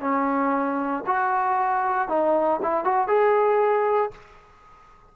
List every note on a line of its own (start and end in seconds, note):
0.00 1.03 C#4
1.06 2.08 F#4
2.08 2.60 D#4
2.62 2.84 E4
2.84 3.07 F#4
3.07 4.11 G#4